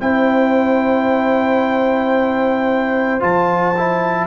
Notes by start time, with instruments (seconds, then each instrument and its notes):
0.00 tuba C4, trombone E4, horn C5, trumpet G5
3.19 tuba F3, trombone F4, trumpet A5
3.77 trombone E4